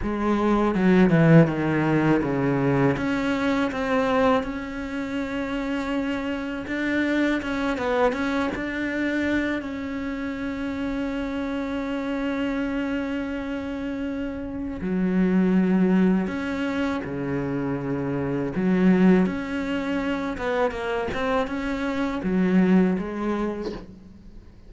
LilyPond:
\new Staff \with { instrumentName = "cello" } { \time 4/4 \tempo 4 = 81 gis4 fis8 e8 dis4 cis4 | cis'4 c'4 cis'2~ | cis'4 d'4 cis'8 b8 cis'8 d'8~ | d'4 cis'2.~ |
cis'1 | fis2 cis'4 cis4~ | cis4 fis4 cis'4. b8 | ais8 c'8 cis'4 fis4 gis4 | }